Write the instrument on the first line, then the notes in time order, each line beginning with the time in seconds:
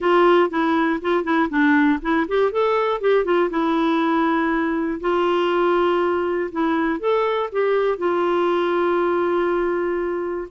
clarinet
0.00 F4
0.50 E4
1.01 F4
1.24 E4
1.49 D4
2.02 E4
2.27 G4
2.51 A4
3.00 G4
3.24 F4
3.50 E4
5.00 F4
6.51 E4
6.99 A4
7.51 G4
7.98 F4